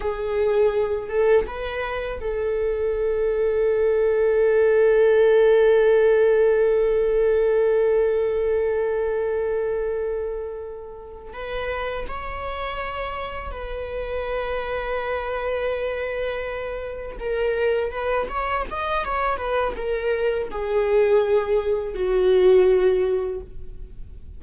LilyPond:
\new Staff \with { instrumentName = "viola" } { \time 4/4 \tempo 4 = 82 gis'4. a'8 b'4 a'4~ | a'1~ | a'1~ | a'2.~ a'8 b'8~ |
b'8 cis''2 b'4.~ | b'2.~ b'8 ais'8~ | ais'8 b'8 cis''8 dis''8 cis''8 b'8 ais'4 | gis'2 fis'2 | }